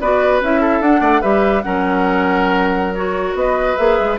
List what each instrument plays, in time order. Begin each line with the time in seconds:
0.00 bassoon B3, clarinet F#4, oboe B4, flute D5
0.41 bassoon C#4, clarinet E4, flute E5
0.61 oboe A4
0.81 bassoon D4, clarinet D4, flute F#5
1.00 bassoon A3, oboe D5
1.21 bassoon G3, clarinet G4, oboe B4, flute E5
1.62 bassoon F#3, clarinet C#4, oboe A#4, flute F#5
2.94 clarinet F#4, flute C#5
3.34 bassoon B3, oboe B4, flute D#5
3.77 bassoon A#3, clarinet G#4, flute E5
3.99 bassoon G#3